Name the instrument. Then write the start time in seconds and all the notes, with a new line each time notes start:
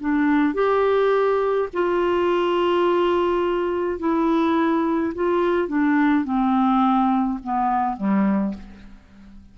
clarinet
0.00 D4
0.54 G4
1.73 F4
3.99 E4
5.15 F4
5.68 D4
6.24 C4
7.43 B3
7.97 G3